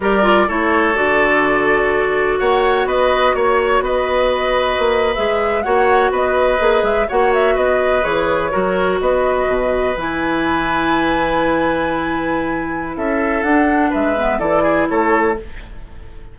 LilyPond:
<<
  \new Staff \with { instrumentName = "flute" } { \time 4/4 \tempo 4 = 125 d''4 cis''4 d''2~ | d''4 fis''4 dis''4 cis''4 | dis''2~ dis''8. e''4 fis''16~ | fis''8. dis''4. e''8 fis''8 e''8 dis''16~ |
dis''8. cis''2 dis''4~ dis''16~ | dis''8. gis''2.~ gis''16~ | gis''2. e''4 | fis''4 e''4 d''4 cis''4 | }
  \new Staff \with { instrumentName = "oboe" } { \time 4/4 ais'4 a'2.~ | a'4 cis''4 b'4 cis''4 | b'2.~ b'8. cis''16~ | cis''8. b'2 cis''4 b'16~ |
b'4.~ b'16 ais'4 b'4~ b'16~ | b'1~ | b'2. a'4~ | a'4 b'4 a'8 gis'8 a'4 | }
  \new Staff \with { instrumentName = "clarinet" } { \time 4/4 g'8 f'8 e'4 fis'2~ | fis'1~ | fis'2~ fis'8. gis'4 fis'16~ | fis'4.~ fis'16 gis'4 fis'4~ fis'16~ |
fis'8. gis'4 fis'2~ fis'16~ | fis'8. e'2.~ e'16~ | e'1 | d'4. b8 e'2 | }
  \new Staff \with { instrumentName = "bassoon" } { \time 4/4 g4 a4 d2~ | d4 ais4 b4 ais4 | b2 ais8. gis4 ais16~ | ais8. b4 ais8 gis8 ais4 b16~ |
b8. e4 fis4 b4 b,16~ | b,8. e2.~ e16~ | e2. cis'4 | d'4 gis4 e4 a4 | }
>>